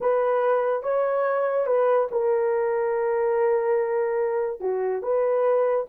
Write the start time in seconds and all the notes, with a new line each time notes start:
0.00 B4
0.82 C#5
1.66 B4
2.11 A#4
4.60 F#4
5.02 B4